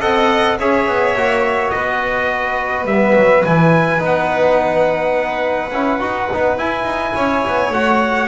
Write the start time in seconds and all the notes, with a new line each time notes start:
0.00 C4 A4 D#5 F#5
0.59 C#4 G#4 C#5 E5
0.87 B3
1.15 A#3 F#4
1.70 B3 B4 D#5
2.85 G3 B3 E5
3.15 F#3
3.44 E3 E4 G#5
3.99 B3 D#4
4.05 F#5
5.72 C#4 E4
6.00 D#4 F#4
6.32 B3 D#4
6.57 E4 G#5
6.84 D#4
7.15 C#4 C#5
7.47 B3
7.70 A3 F#4 F#5